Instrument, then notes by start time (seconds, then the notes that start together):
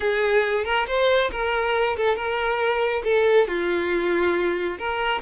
violin
0.00 G#4
0.64 A#4
0.87 C5
1.31 A#4
1.97 A4
2.16 A#4
3.04 A4
3.47 F4
4.78 A#4